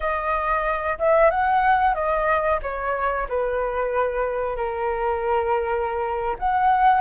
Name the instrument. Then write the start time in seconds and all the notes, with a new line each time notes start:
flute
0.00 D#5
0.98 E5
1.30 F#5
1.94 D#5
2.62 C#5
3.28 B4
4.56 A#4
6.38 F#5